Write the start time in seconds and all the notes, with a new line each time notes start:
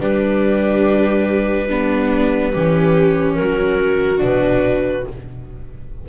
0.00 G3 D4 G4 B4
1.68 B3 D4
2.53 E3 C#4 G4
3.35 F#3 F#4 A#4
4.18 B2 D4 B4